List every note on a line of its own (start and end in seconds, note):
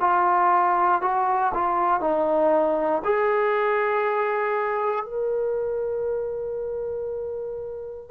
0.00 1.01 F4
1.01 1.52 F#4
1.54 2.00 F4
2.00 3.02 D#4
3.04 5.05 G#4
5.05 8.10 A#4